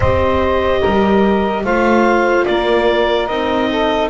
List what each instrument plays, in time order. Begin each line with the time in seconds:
0.00 double bass C4, viola G4, saxophone C5, clarinet D#5
0.80 double bass G3, saxophone A#4
1.64 double bass A3, viola F4, saxophone C5, clarinet F5
2.45 double bass A#3, saxophone A#4, clarinet D5
3.27 double bass C4, viola D#4, clarinet D#5
3.69 saxophone A4